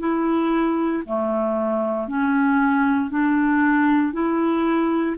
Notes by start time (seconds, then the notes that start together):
0.00 E4
1.06 A3
2.08 C#4
3.11 D4
4.13 E4